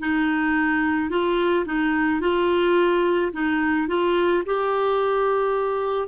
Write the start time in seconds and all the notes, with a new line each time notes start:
0.00 D#4
1.10 F4
1.66 D#4
2.21 F4
3.33 D#4
3.88 F4
4.46 G4